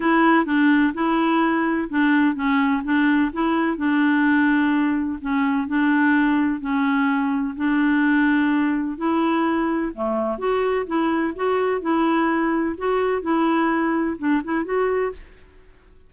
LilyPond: \new Staff \with { instrumentName = "clarinet" } { \time 4/4 \tempo 4 = 127 e'4 d'4 e'2 | d'4 cis'4 d'4 e'4 | d'2. cis'4 | d'2 cis'2 |
d'2. e'4~ | e'4 a4 fis'4 e'4 | fis'4 e'2 fis'4 | e'2 d'8 e'8 fis'4 | }